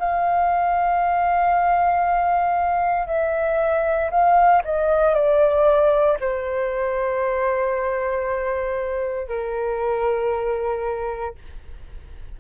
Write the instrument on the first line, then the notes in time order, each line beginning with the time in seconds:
flute
0.00 F5
3.07 E5
4.11 F5
4.65 D#5
5.14 D5
6.20 C5
9.29 A#4